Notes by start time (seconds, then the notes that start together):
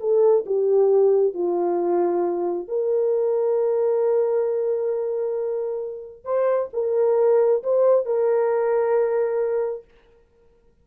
0.00 A4
0.46 G4
1.34 F4
2.68 A#4
6.24 C5
6.73 A#4
7.63 C5
8.06 A#4